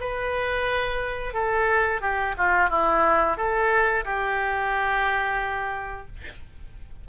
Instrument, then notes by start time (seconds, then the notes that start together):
oboe
0.00 B4
1.34 A4
2.01 G4
2.38 F4
2.70 E4
3.37 A4
4.05 G4